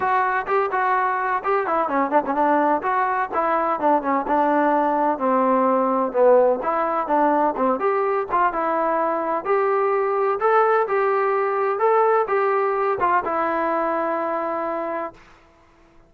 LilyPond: \new Staff \with { instrumentName = "trombone" } { \time 4/4 \tempo 4 = 127 fis'4 g'8 fis'4. g'8 e'8 | cis'8 d'16 cis'16 d'4 fis'4 e'4 | d'8 cis'8 d'2 c'4~ | c'4 b4 e'4 d'4 |
c'8 g'4 f'8 e'2 | g'2 a'4 g'4~ | g'4 a'4 g'4. f'8 | e'1 | }